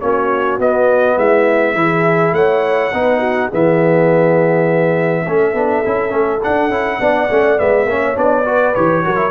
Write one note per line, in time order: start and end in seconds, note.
0.00 0.58 A#3
0.00 0.59 C#4
0.00 1.16 F#4
0.00 0.58 C#5
0.58 1.16 B3
0.58 1.75 B3
0.58 1.18 D#5
1.16 1.74 G#3
1.16 1.74 E4
1.16 2.34 E5
1.74 2.32 E3
1.74 2.91 E4
1.74 2.35 G#4
2.32 2.90 A3
2.32 2.93 C#5
2.32 3.50 F#5
2.93 3.51 B3
2.93 3.51 D#4
2.93 3.19 B4
3.19 3.48 F#4
3.48 5.26 E3
3.48 5.26 B3
3.48 5.23 G#4
3.48 6.43 E5
5.25 5.53 A3
5.25 5.54 C#4
5.25 6.99 A4
5.53 5.82 B3
5.53 5.83 D4
5.85 6.11 C#4
5.85 6.09 E4
6.09 6.40 A3
6.09 6.38 C#4
6.43 6.70 D4
6.43 6.69 D4
6.43 7.59 F#5
6.69 6.98 C#4
6.69 7.00 E4
6.99 7.29 B3
6.99 7.29 D4
6.99 7.87 D5
7.29 7.59 A3
7.29 7.57 C#4
7.57 7.85 G#3
7.57 7.86 B3
7.57 8.17 E5
7.85 8.14 A#3
7.85 8.15 C#4
7.85 8.45 C#5
8.15 8.75 B3
8.15 8.44 D4
8.15 8.75 D5
8.44 8.74 F#4
8.44 9.03 B4
8.75 9.05 E3
8.75 9.04 G4
8.75 9.31 C#5
9.04 9.31 F#3
9.04 9.16 F#4
9.04 9.31 A#4
9.16 9.30 E4